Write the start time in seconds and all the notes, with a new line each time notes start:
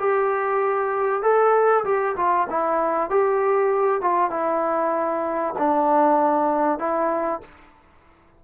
0.00 G4
1.23 A4
1.85 G4
2.16 F4
2.50 E4
3.10 G4
4.01 F4
4.31 E4
5.59 D4
6.79 E4